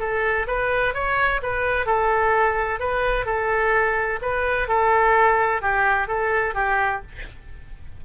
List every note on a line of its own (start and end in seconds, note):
0.00 0.47 A4
0.48 0.94 B4
0.94 1.41 C#5
1.43 1.86 B4
1.86 2.80 A4
2.80 3.26 B4
3.26 4.20 A4
4.22 4.68 B4
4.68 5.62 A4
5.62 6.08 G4
6.08 6.55 A4
6.55 7.02 G4